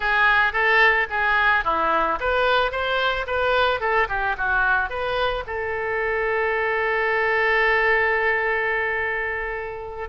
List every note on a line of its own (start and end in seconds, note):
0.00 0.52 G#4
0.52 1.07 A4
1.10 1.64 G#4
1.64 2.19 E4
2.20 2.71 B4
2.71 3.26 C5
3.27 3.80 B4
3.80 4.07 A4
4.08 4.36 G4
4.37 4.89 F#4
4.89 5.44 B4
5.46 10.09 A4